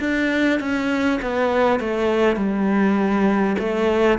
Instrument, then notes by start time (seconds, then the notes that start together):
cello
0.00 D4
0.60 C#4
1.22 B3
1.79 A3
2.36 G3
3.59 A3